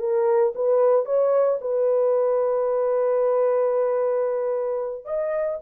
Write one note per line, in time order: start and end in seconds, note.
0.00 0.54 A#4
0.56 1.06 B4
1.06 1.59 C#5
1.61 5.06 B4
5.06 5.59 D#5